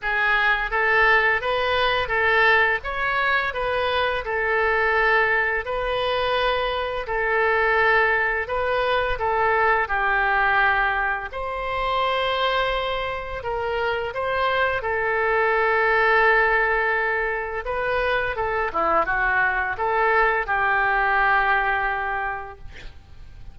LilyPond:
\new Staff \with { instrumentName = "oboe" } { \time 4/4 \tempo 4 = 85 gis'4 a'4 b'4 a'4 | cis''4 b'4 a'2 | b'2 a'2 | b'4 a'4 g'2 |
c''2. ais'4 | c''4 a'2.~ | a'4 b'4 a'8 e'8 fis'4 | a'4 g'2. | }